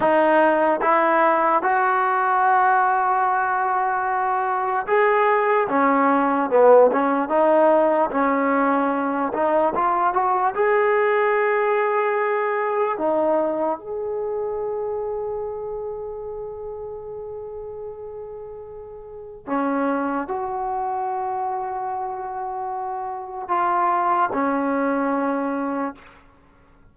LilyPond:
\new Staff \with { instrumentName = "trombone" } { \time 4/4 \tempo 4 = 74 dis'4 e'4 fis'2~ | fis'2 gis'4 cis'4 | b8 cis'8 dis'4 cis'4. dis'8 | f'8 fis'8 gis'2. |
dis'4 gis'2.~ | gis'1 | cis'4 fis'2.~ | fis'4 f'4 cis'2 | }